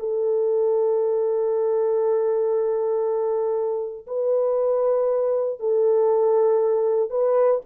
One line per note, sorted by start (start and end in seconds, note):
0.00 4.07 A4
4.07 5.60 B4
5.60 7.10 A4
7.10 7.61 B4